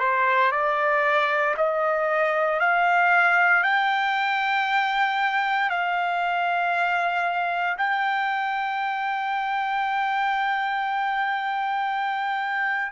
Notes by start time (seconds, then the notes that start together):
0.00 C5
0.52 D5
1.58 D#5
2.60 F5
3.64 G5
5.70 F5
7.78 G5